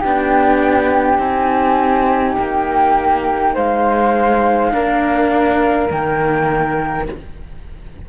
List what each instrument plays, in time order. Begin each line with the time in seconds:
0.00 cello B3 D4, flute G4 G5
1.18 cello C4 D#4, flute G#5
2.38 cello A#3, flute G5
3.54 cello G#3, flute C5 F5
4.71 cello A#3 D4, flute A#4
5.90 cello D#3 A#3, flute G5